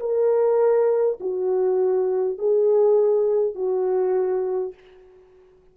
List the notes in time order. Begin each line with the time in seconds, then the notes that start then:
0.00 A#4
1.21 F#4
2.38 G#4
3.55 F#4